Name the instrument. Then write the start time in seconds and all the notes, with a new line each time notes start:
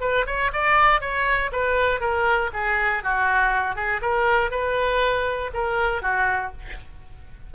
oboe
0.00 B4
0.26 C#5
0.52 D5
1.00 C#5
1.52 B4
2.00 A#4
2.53 G#4
3.03 F#4
3.75 G#4
4.01 A#4
4.50 B4
5.53 A#4
6.02 F#4